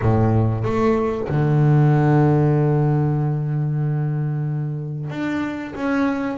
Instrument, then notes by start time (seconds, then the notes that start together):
double bass
0.01 A2
0.64 A3
1.28 D3
5.09 D4
5.75 C#4